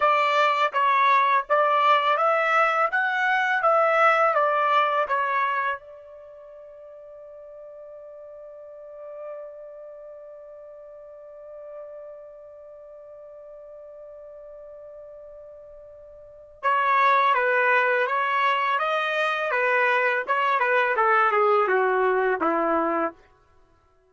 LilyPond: \new Staff \with { instrumentName = "trumpet" } { \time 4/4 \tempo 4 = 83 d''4 cis''4 d''4 e''4 | fis''4 e''4 d''4 cis''4 | d''1~ | d''1~ |
d''1~ | d''2. cis''4 | b'4 cis''4 dis''4 b'4 | cis''8 b'8 a'8 gis'8 fis'4 e'4 | }